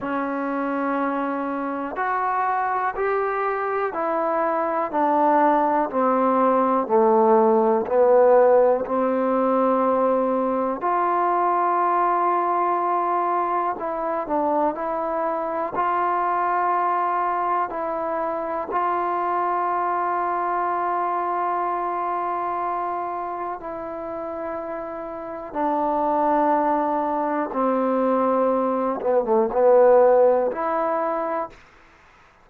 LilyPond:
\new Staff \with { instrumentName = "trombone" } { \time 4/4 \tempo 4 = 61 cis'2 fis'4 g'4 | e'4 d'4 c'4 a4 | b4 c'2 f'4~ | f'2 e'8 d'8 e'4 |
f'2 e'4 f'4~ | f'1 | e'2 d'2 | c'4. b16 a16 b4 e'4 | }